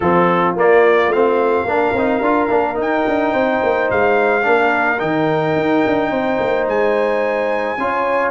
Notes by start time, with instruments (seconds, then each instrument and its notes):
0.00 tuba F3, trombone C4, horn F4, trumpet A4
0.56 tuba A#3, trombone A#3, trumpet D5
1.08 tuba A3, trombone C4, trumpet F5
1.64 tuba A#3, trombone D4, horn A#4
1.92 tuba C4, trombone D#4
2.21 tuba D4, trombone F4
2.49 tuba A#3, trombone D4
2.75 trombone D#4, tuba D#4, trumpet G5
3.07 tuba D4
3.33 tuba C4, horn C5
3.62 tuba A#3
3.90 tuba G#3, trumpet F5
4.42 tuba A#3, trombone D4, horn A#4
4.99 tuba D#3, trombone D#4, trumpet G5
5.55 tuba D#4
5.86 tuba D4
6.10 tuba C4, horn C5
6.39 tuba A#3
6.67 tuba G#3, trumpet G#5
7.77 tuba C#4, trombone F4, horn C#5